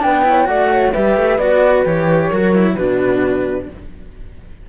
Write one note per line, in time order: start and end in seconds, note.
0.00 0.48 B3
0.00 0.23 D4
0.00 0.27 B4
0.00 0.47 G5
0.24 0.44 E4
0.24 0.48 C#5
0.44 0.93 A3
0.44 0.90 F#4
0.44 0.71 D5
0.44 0.92 F#5
0.71 0.92 C#5
0.92 1.17 G3
0.92 1.39 G4
0.92 2.28 B4
0.92 1.38 E5
1.17 1.38 A3
1.38 1.83 B3
1.38 1.86 F#4
1.38 1.84 D5
1.85 2.31 E3
1.85 2.32 G4
1.85 2.75 C#5
2.29 2.76 F#3
2.29 2.55 F#4
2.29 2.75 A#4
2.55 2.77 E4
2.75 3.67 B2
2.75 3.69 D4
2.75 3.67 F#4
2.75 3.66 B4